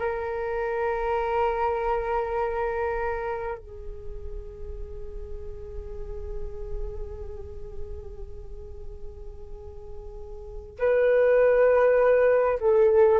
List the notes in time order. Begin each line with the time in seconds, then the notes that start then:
0.00 A#4
3.59 G#4
10.79 B4
12.61 A4